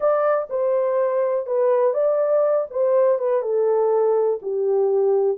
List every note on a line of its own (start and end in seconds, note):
0.00 0.47 D5
0.49 1.46 C5
1.46 1.93 B4
1.93 2.67 D5
2.70 3.18 C5
3.18 3.41 B4
3.41 4.39 A4
4.42 5.37 G4